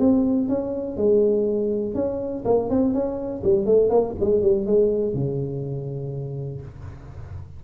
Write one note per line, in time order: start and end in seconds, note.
0.00 0.49 C4
0.49 0.98 C#4
0.98 1.95 G#3
1.95 2.44 C#4
2.46 2.70 A#3
2.70 2.94 C4
2.94 3.43 C#4
3.44 3.66 G3
3.66 3.91 A3
3.91 4.15 A#3
4.21 4.42 G#3
4.42 4.67 G3
4.67 5.15 G#3
5.15 6.62 C#3